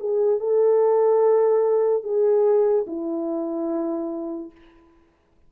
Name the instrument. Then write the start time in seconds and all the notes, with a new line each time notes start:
horn
0.00 G#4
0.40 A4
2.03 G#4
2.87 E4